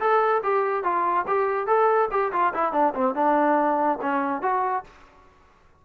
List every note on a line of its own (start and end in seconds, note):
0.00 0.42 A4
0.43 0.84 G4
0.84 1.25 F4
1.27 1.67 G4
1.67 2.09 A4
2.11 2.32 G4
2.32 2.53 F4
2.54 2.73 E4
2.73 2.94 D4
2.94 3.15 C4
3.15 3.99 D4
4.02 4.42 C#4
4.42 4.84 F#4